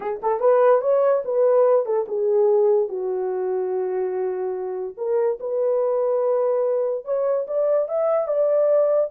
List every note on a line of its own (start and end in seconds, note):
0.00 0.21 G#4
0.22 0.40 A4
0.40 0.81 B4
0.81 1.22 C#5
1.24 1.85 B4
1.85 2.06 A4
2.07 2.88 G#4
2.88 4.95 F#4
4.97 5.38 A#4
5.40 7.05 B4
7.05 7.46 C#5
7.47 7.88 D5
7.88 8.27 E5
8.27 9.10 D5